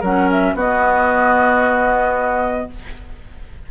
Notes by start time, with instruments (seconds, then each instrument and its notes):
0.00 bassoon F#3, clarinet C#4, oboe A#4, flute F#5
0.31 flute E5
0.54 bassoon B3, clarinet B3, oboe F#4, flute D#5